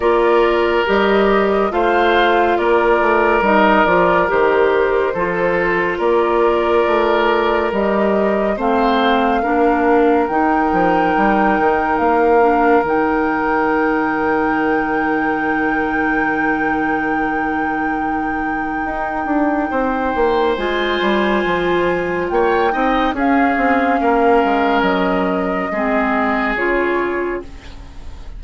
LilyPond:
<<
  \new Staff \with { instrumentName = "flute" } { \time 4/4 \tempo 4 = 70 d''4 dis''4 f''4 d''4 | dis''8 d''8 c''2 d''4~ | d''4 dis''4 f''2 | g''2 f''4 g''4~ |
g''1~ | g''1 | gis''2 g''4 f''4~ | f''4 dis''2 cis''4 | }
  \new Staff \with { instrumentName = "oboe" } { \time 4/4 ais'2 c''4 ais'4~ | ais'2 a'4 ais'4~ | ais'2 c''4 ais'4~ | ais'1~ |
ais'1~ | ais'2. c''4~ | c''2 cis''8 dis''8 gis'4 | ais'2 gis'2 | }
  \new Staff \with { instrumentName = "clarinet" } { \time 4/4 f'4 g'4 f'2 | dis'8 f'8 g'4 f'2~ | f'4 g'4 c'4 d'4 | dis'2~ dis'8 d'8 dis'4~ |
dis'1~ | dis'1 | f'2~ f'8 dis'8 cis'4~ | cis'2 c'4 f'4 | }
  \new Staff \with { instrumentName = "bassoon" } { \time 4/4 ais4 g4 a4 ais8 a8 | g8 f8 dis4 f4 ais4 | a4 g4 a4 ais4 | dis8 f8 g8 dis8 ais4 dis4~ |
dis1~ | dis2 dis'8 d'8 c'8 ais8 | gis8 g8 f4 ais8 c'8 cis'8 c'8 | ais8 gis8 fis4 gis4 cis4 | }
>>